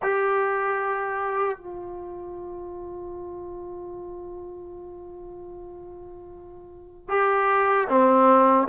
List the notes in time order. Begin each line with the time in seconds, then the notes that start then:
0.02 G4
1.57 F4
7.08 G4
7.88 C4